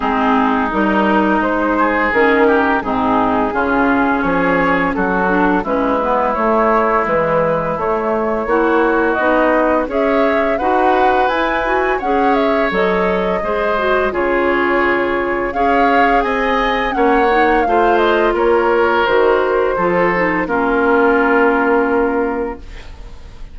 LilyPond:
<<
  \new Staff \with { instrumentName = "flute" } { \time 4/4 \tempo 4 = 85 gis'4 ais'4 c''4 ais'4 | gis'2 cis''4 a'4 | b'4 cis''4 b'4 cis''4~ | cis''4 dis''4 e''4 fis''4 |
gis''4 fis''8 e''8 dis''2 | cis''2 f''4 gis''4 | fis''4 f''8 dis''8 cis''4 c''4~ | c''4 ais'2. | }
  \new Staff \with { instrumentName = "oboe" } { \time 4/4 dis'2~ dis'8 gis'4 g'8 | dis'4 f'4 gis'4 fis'4 | e'1 | fis'2 cis''4 b'4~ |
b'4 cis''2 c''4 | gis'2 cis''4 dis''4 | cis''4 c''4 ais'2 | a'4 f'2. | }
  \new Staff \with { instrumentName = "clarinet" } { \time 4/4 c'4 dis'2 cis'4 | c'4 cis'2~ cis'8 d'8 | cis'8 b8 a4 e4 a4 | e'4 dis'4 gis'4 fis'4 |
e'8 fis'8 gis'4 a'4 gis'8 fis'8 | f'2 gis'2 | cis'8 dis'8 f'2 fis'4 | f'8 dis'8 cis'2. | }
  \new Staff \with { instrumentName = "bassoon" } { \time 4/4 gis4 g4 gis4 dis4 | gis,4 cis4 f4 fis4 | gis4 a4 gis4 a4 | ais4 b4 cis'4 dis'4 |
e'4 cis'4 fis4 gis4 | cis2 cis'4 c'4 | ais4 a4 ais4 dis4 | f4 ais2. | }
>>